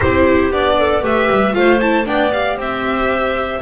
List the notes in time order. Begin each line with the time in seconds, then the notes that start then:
0.00 C4 E4 G4 C5
0.51 B3 D4 D5
0.77 A4
1.01 A3 G4 B4 E5
1.30 G3
1.52 A3 F4 C5 F5
1.80 E4 A5
2.05 B3 D4 D5 G5
2.31 G4 F5
2.57 C4 C5 E5